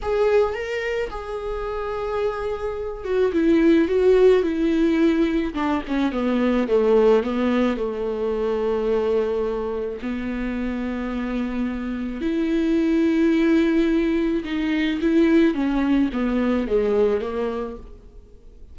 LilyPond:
\new Staff \with { instrumentName = "viola" } { \time 4/4 \tempo 4 = 108 gis'4 ais'4 gis'2~ | gis'4. fis'8 e'4 fis'4 | e'2 d'8 cis'8 b4 | a4 b4 a2~ |
a2 b2~ | b2 e'2~ | e'2 dis'4 e'4 | cis'4 b4 gis4 ais4 | }